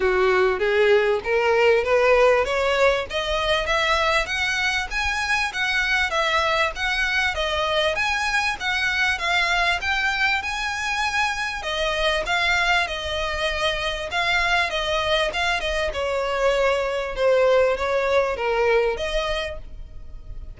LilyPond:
\new Staff \with { instrumentName = "violin" } { \time 4/4 \tempo 4 = 98 fis'4 gis'4 ais'4 b'4 | cis''4 dis''4 e''4 fis''4 | gis''4 fis''4 e''4 fis''4 | dis''4 gis''4 fis''4 f''4 |
g''4 gis''2 dis''4 | f''4 dis''2 f''4 | dis''4 f''8 dis''8 cis''2 | c''4 cis''4 ais'4 dis''4 | }